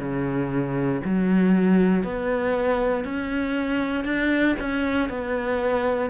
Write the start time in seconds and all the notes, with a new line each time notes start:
0.00 C#3
1.05 F#3
2.04 B3
3.05 C#4
4.05 D4
4.60 C#4
5.09 B3